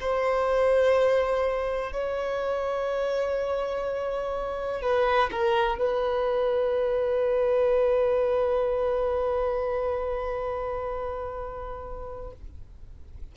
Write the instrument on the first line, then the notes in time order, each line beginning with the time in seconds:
violin
0.00 C5
1.92 C#5
4.82 B4
5.31 A#4
5.78 B4